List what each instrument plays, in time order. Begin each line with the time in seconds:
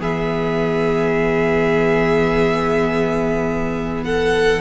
0.00 cello E3, viola B3, violin G#4 E5
4.04 violin A4 F#5